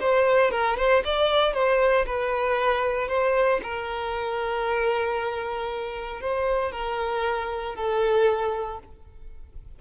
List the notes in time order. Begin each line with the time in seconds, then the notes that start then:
0.00 C5
0.51 A#4
0.77 C5
1.04 D5
1.53 C5
2.06 B4
3.08 C5
3.63 A#4
6.21 C5
6.72 A#4
7.75 A4